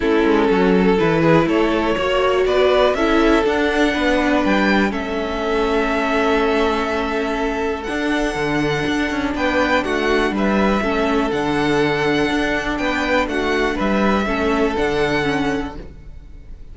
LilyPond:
<<
  \new Staff \with { instrumentName = "violin" } { \time 4/4 \tempo 4 = 122 a'2 b'4 cis''4~ | cis''4 d''4 e''4 fis''4~ | fis''4 g''4 e''2~ | e''1 |
fis''2. g''4 | fis''4 e''2 fis''4~ | fis''2 g''4 fis''4 | e''2 fis''2 | }
  \new Staff \with { instrumentName = "violin" } { \time 4/4 e'4 fis'8 a'4 gis'8 a'4 | cis''4 b'4 a'2 | b'2 a'2~ | a'1~ |
a'2. b'4 | fis'4 b'4 a'2~ | a'2 b'4 fis'4 | b'4 a'2. | }
  \new Staff \with { instrumentName = "viola" } { \time 4/4 cis'2 e'2 | fis'2 e'4 d'4~ | d'2 cis'2~ | cis'1 |
d'1~ | d'2 cis'4 d'4~ | d'1~ | d'4 cis'4 d'4 cis'4 | }
  \new Staff \with { instrumentName = "cello" } { \time 4/4 a8 gis8 fis4 e4 a4 | ais4 b4 cis'4 d'4 | b4 g4 a2~ | a1 |
d'4 d4 d'8 cis'8 b4 | a4 g4 a4 d4~ | d4 d'4 b4 a4 | g4 a4 d2 | }
>>